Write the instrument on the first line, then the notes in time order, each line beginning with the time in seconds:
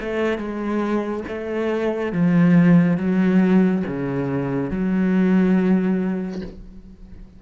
cello
0.00 A3
0.38 G#3
1.28 A3
2.12 F3
2.97 F#3
3.86 C#3
4.70 F#3